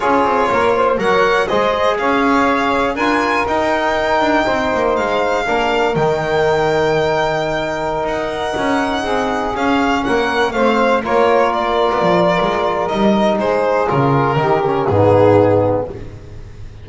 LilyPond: <<
  \new Staff \with { instrumentName = "violin" } { \time 4/4 \tempo 4 = 121 cis''2 fis''4 dis''4 | f''2 gis''4 g''4~ | g''2 f''2 | g''1~ |
g''16 fis''2. f''8.~ | f''16 fis''4 f''4 cis''4 d''8.~ | d''2 dis''4 c''4 | ais'2 gis'2 | }
  \new Staff \with { instrumentName = "saxophone" } { \time 4/4 gis'4 ais'8 c''8 cis''4 c''4 | cis''2 ais'2~ | ais'4 c''2 ais'4~ | ais'1~ |
ais'2~ ais'16 gis'4.~ gis'16~ | gis'16 ais'4 c''4 ais'4.~ ais'16~ | ais'2. gis'4~ | gis'4 g'4 dis'2 | }
  \new Staff \with { instrumentName = "trombone" } { \time 4/4 f'2 ais'4 gis'4~ | gis'2 f'4 dis'4~ | dis'2. d'4 | dis'1~ |
dis'2.~ dis'16 cis'8.~ | cis'4~ cis'16 c'4 f'4.~ f'16~ | f'2 dis'2 | f'4 dis'8 cis'8 b2 | }
  \new Staff \with { instrumentName = "double bass" } { \time 4/4 cis'8 c'8 ais4 fis4 gis4 | cis'2 d'4 dis'4~ | dis'8 d'8 c'8 ais8 gis4 ais4 | dis1~ |
dis16 dis'4 cis'4 c'4 cis'8.~ | cis'16 ais4 a4 ais4.~ ais16 | b16 f8. gis4 g4 gis4 | cis4 dis4 gis,2 | }
>>